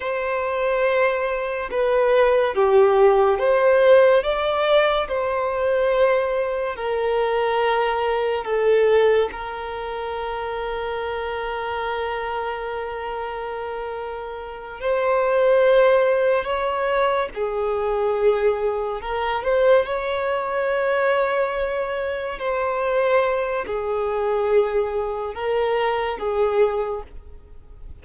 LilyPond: \new Staff \with { instrumentName = "violin" } { \time 4/4 \tempo 4 = 71 c''2 b'4 g'4 | c''4 d''4 c''2 | ais'2 a'4 ais'4~ | ais'1~ |
ais'4. c''2 cis''8~ | cis''8 gis'2 ais'8 c''8 cis''8~ | cis''2~ cis''8 c''4. | gis'2 ais'4 gis'4 | }